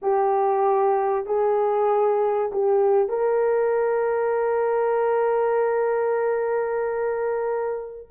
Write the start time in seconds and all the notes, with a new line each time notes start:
0.01 G4
1.26 G#4
2.52 G4
3.08 A#4